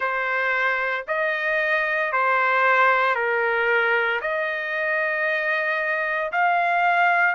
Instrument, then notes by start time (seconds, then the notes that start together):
trumpet
0.00 C5
1.07 D#5
2.12 C5
3.15 A#4
4.21 D#5
6.32 F5